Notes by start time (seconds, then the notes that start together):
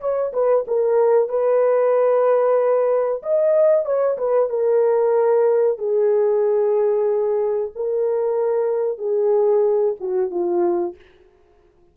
0.00 C#5
0.33 B4
0.67 A#4
1.28 B4
3.23 D#5
3.85 C#5
4.18 B4
4.49 A#4
5.78 G#4
7.75 A#4
8.98 G#4
10.00 F#4
10.31 F4